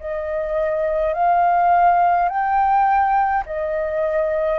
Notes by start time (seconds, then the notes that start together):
0.00 D#5
1.14 F5
2.29 G5
3.46 D#5